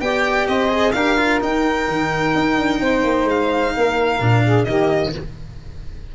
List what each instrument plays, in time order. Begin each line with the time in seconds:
0.00 tuba B3, cello G4, saxophone D5, violin G5
0.47 tuba C4, saxophone C5, violin D#5
0.69 cello G#4
0.92 tuba D4, cello G4, saxophone A#4, violin F5
1.17 cello F4
1.40 cello D#4, tuba D#4, violin G5
1.87 tuba D#3
2.34 tuba D#4
2.57 tuba D4
2.80 tuba C4, saxophone C5
3.03 tuba A#3
3.24 tuba G#3, violin F5
3.75 tuba A#3, saxophone A#4
4.20 tuba A#2, cello D4
4.44 saxophone G#4
4.64 tuba D#3, cello A#3, saxophone G4, violin D#5